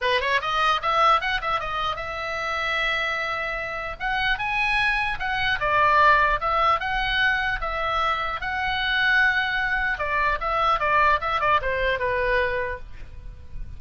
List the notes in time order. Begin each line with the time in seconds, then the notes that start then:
0.01 B4
0.20 C#5
0.41 D#5
0.81 E5
1.21 F#5
1.41 E5
1.59 D#5
1.96 E5
3.99 F#5
4.38 G#5
5.19 F#5
5.60 D5
6.40 E5
6.79 F#5
7.61 E5
8.41 F#5
9.98 D5
10.40 E5
10.79 D5
11.20 E5
11.40 D5
11.61 C5
11.99 B4